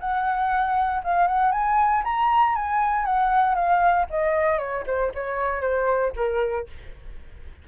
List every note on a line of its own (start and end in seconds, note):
0.00 1.03 F#5
1.04 1.28 F5
1.28 1.52 F#5
1.52 2.03 G#5
2.04 2.55 A#5
2.55 3.05 G#5
3.05 3.55 F#5
3.55 4.06 F5
4.10 4.59 D#5
4.59 4.84 C#5
4.86 5.12 C5
5.14 5.61 C#5
5.61 6.13 C5
6.16 6.67 A#4